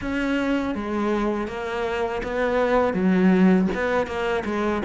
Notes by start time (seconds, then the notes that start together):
0.01 C#4
0.74 G#3
1.47 A#3
2.23 B3
2.93 F#3
3.74 B3
4.06 A#3
4.44 G#3